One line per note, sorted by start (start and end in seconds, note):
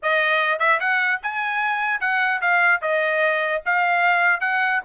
0.02 0.59 D#5
0.59 0.79 E5
0.80 1.20 F#5
1.22 2.00 G#5
2.00 2.40 F#5
2.41 2.81 F5
2.81 3.62 D#5
3.65 4.40 F5
4.40 4.80 F#5